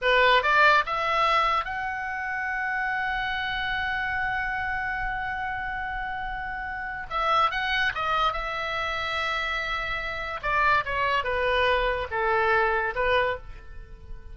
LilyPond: \new Staff \with { instrumentName = "oboe" } { \time 4/4 \tempo 4 = 144 b'4 d''4 e''2 | fis''1~ | fis''1~ | fis''1~ |
fis''4 e''4 fis''4 dis''4 | e''1~ | e''4 d''4 cis''4 b'4~ | b'4 a'2 b'4 | }